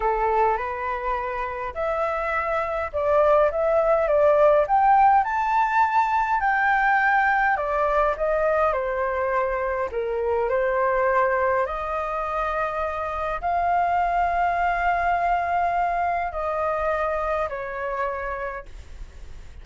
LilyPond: \new Staff \with { instrumentName = "flute" } { \time 4/4 \tempo 4 = 103 a'4 b'2 e''4~ | e''4 d''4 e''4 d''4 | g''4 a''2 g''4~ | g''4 d''4 dis''4 c''4~ |
c''4 ais'4 c''2 | dis''2. f''4~ | f''1 | dis''2 cis''2 | }